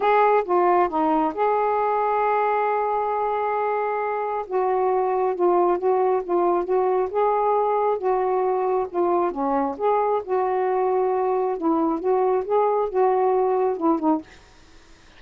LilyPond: \new Staff \with { instrumentName = "saxophone" } { \time 4/4 \tempo 4 = 135 gis'4 f'4 dis'4 gis'4~ | gis'1~ | gis'2 fis'2 | f'4 fis'4 f'4 fis'4 |
gis'2 fis'2 | f'4 cis'4 gis'4 fis'4~ | fis'2 e'4 fis'4 | gis'4 fis'2 e'8 dis'8 | }